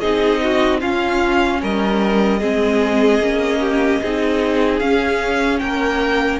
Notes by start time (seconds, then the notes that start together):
0.00 C4 D#4 G#4 D#5
0.43 F#4
0.80 C#4 F4 F5
1.61 G3 A#4 D#5
2.39 G#3 C4 G#4
3.20 A#3 C#4
3.60 G4
4.01 C4 D#4 G#4
4.79 C#4 F5
5.59 A#3 A#4 G5